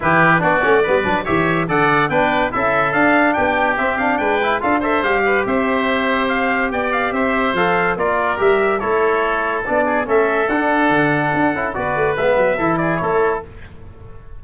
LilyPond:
<<
  \new Staff \with { instrumentName = "trumpet" } { \time 4/4 \tempo 4 = 143 b'4 d''2 e''4 | fis''4 g''4 e''4 f''4 | g''4 e''8 f''8 g''4 f''8 e''8 | f''4 e''2 f''4 |
g''8 f''8 e''4 f''4 d''4 | e''4 cis''2 d''4 | e''4 fis''2. | d''4 e''4. d''8 cis''4 | }
  \new Staff \with { instrumentName = "oboe" } { \time 4/4 g'4 fis'4 b'4 cis''4 | d''4 b'4 a'2 | g'2 b'4 a'8 c''8~ | c''8 b'8 c''2. |
d''4 c''2 ais'4~ | ais'4 a'2~ a'8 gis'8 | a'1 | b'2 a'8 gis'8 a'4 | }
  \new Staff \with { instrumentName = "trombone" } { \time 4/4 e'4 d'8 cis'8 b8 d'8 g'4 | a'4 d'4 e'4 d'4~ | d'4 c'8 d'4 e'8 f'8 a'8 | g'1~ |
g'2 a'4 f'4 | g'4 e'2 d'4 | cis'4 d'2~ d'8 e'8 | fis'4 b4 e'2 | }
  \new Staff \with { instrumentName = "tuba" } { \time 4/4 e4 b8 a8 g8 fis8 e4 | d4 b4 cis'4 d'4 | b4 c'4 gis4 d'4 | g4 c'2. |
b4 c'4 f4 ais4 | g4 a2 b4 | a4 d'4 d4 d'8 cis'8 | b8 a8 gis8 fis8 e4 a4 | }
>>